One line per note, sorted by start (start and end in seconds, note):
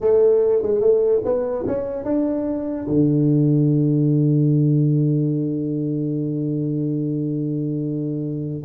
0.00 0.62 A3
0.62 0.80 G#3
0.80 1.21 A3
1.24 1.65 B3
1.67 2.04 C#4
2.04 2.86 D4
2.87 8.63 D3